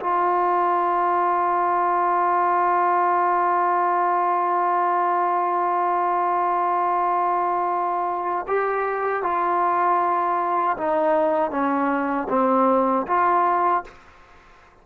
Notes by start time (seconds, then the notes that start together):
0.00 F4
8.48 G4
9.23 F4
10.77 D#4
11.51 C#4
12.29 C4
13.07 F4